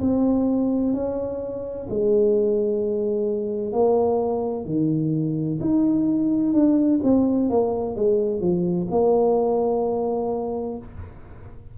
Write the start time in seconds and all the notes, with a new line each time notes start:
0.00 C4
0.93 C#4
1.89 G#3
3.72 A#3
4.65 D#3
5.60 D#4
6.53 D4
7.03 C4
7.49 A#3
7.95 G#3
8.40 F3
8.90 A#3